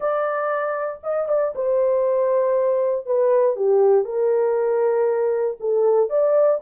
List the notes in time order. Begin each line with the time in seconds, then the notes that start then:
0.00 D5
1.03 D#5
1.28 D5
1.55 C5
3.06 B4
3.55 G4
4.04 A#4
5.59 A4
6.09 D5